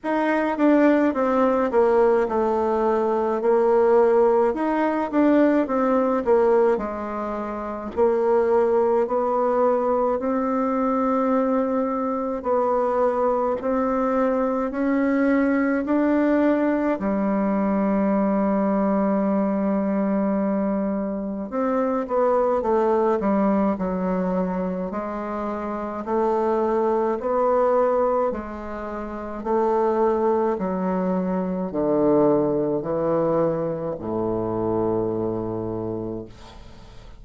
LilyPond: \new Staff \with { instrumentName = "bassoon" } { \time 4/4 \tempo 4 = 53 dis'8 d'8 c'8 ais8 a4 ais4 | dis'8 d'8 c'8 ais8 gis4 ais4 | b4 c'2 b4 | c'4 cis'4 d'4 g4~ |
g2. c'8 b8 | a8 g8 fis4 gis4 a4 | b4 gis4 a4 fis4 | d4 e4 a,2 | }